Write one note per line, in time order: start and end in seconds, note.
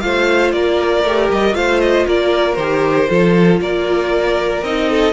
0.00 0.53 A3
0.00 1.04 F4
0.00 0.54 C5
0.00 0.51 F5
0.52 1.04 A#3
0.52 1.56 A#4
0.52 1.29 D5
1.04 1.29 A3
1.04 1.53 G4
1.30 1.54 G3
1.30 1.54 D#5
1.53 2.06 A3
1.53 2.55 F4
1.53 2.06 C5
1.53 1.80 F5
1.80 2.05 D#5
2.06 2.57 A#3
2.06 3.09 A#4
2.06 2.54 D5
2.54 3.08 D#3
2.54 3.07 G4
2.54 3.57 C5
3.07 3.60 F3
3.07 4.61 F4
3.07 3.60 A4
3.60 4.62 A#3
3.60 4.90 A#4
3.60 4.63 D5
4.62 5.12 C4
4.62 5.12 D#4
4.62 5.12 D#5
4.90 5.12 A4